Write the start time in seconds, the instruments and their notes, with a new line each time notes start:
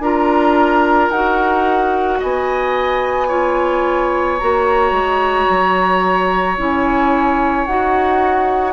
0.00 bassoon D4, clarinet F4, oboe A#4, flute A#5
1.10 bassoon D#4, clarinet F#4, flute F#5
2.19 bassoon B3, oboe D#5, flute G#5
3.28 clarinet F4, oboe C#5
4.39 bassoon A#3, clarinet F#4, flute A#5
4.91 bassoon G#3
5.50 bassoon F#3
6.57 bassoon C#4, clarinet E4, flute G#5
7.66 bassoon D#4, clarinet F#4, flute F#5